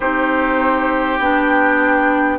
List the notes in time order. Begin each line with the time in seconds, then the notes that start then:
0.00 C4 D#4 G4 C5
1.19 B3 D4 G5